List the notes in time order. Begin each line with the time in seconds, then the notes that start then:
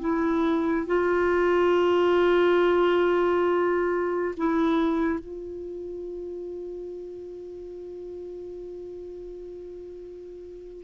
0.00 E4
0.87 F4
4.37 E4
5.19 F4